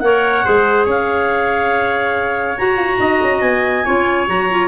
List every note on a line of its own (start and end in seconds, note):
0.00 0.44 A#3
0.00 0.45 A#4
0.00 0.45 C#5
0.00 0.85 F#5
0.45 0.86 G#3
0.45 2.58 G#4
0.45 0.86 C5
0.86 2.57 C#4
0.86 2.98 C#5
0.86 2.58 F5
2.58 3.85 F#4
2.58 2.77 F#4
2.58 3.41 A#5
2.77 2.98 F4
3.00 3.21 D#4
3.00 3.85 D#5
3.22 3.42 C#4
3.41 3.84 B3
3.41 4.26 G#5
3.85 4.28 C#4
3.85 4.27 F4
3.85 4.68 C#5
4.27 4.68 F#3
4.27 4.48 F#4
4.27 4.68 A#5
4.51 4.68 F4